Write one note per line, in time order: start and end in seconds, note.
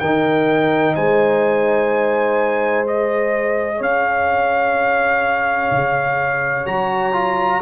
0.00 0.96 D#3
0.00 2.86 D#4
0.00 0.95 A#4
0.00 0.95 G5
0.95 3.81 G#3
0.95 3.77 C5
0.95 2.86 G#5
2.86 6.66 G#4
2.86 3.83 D#5
3.77 5.71 C#4
3.77 7.58 C#5
3.77 6.67 F5
5.72 6.67 C#3
6.66 7.62 F#3
6.66 7.13 F#4
6.66 7.62 A#5
7.13 7.61 F4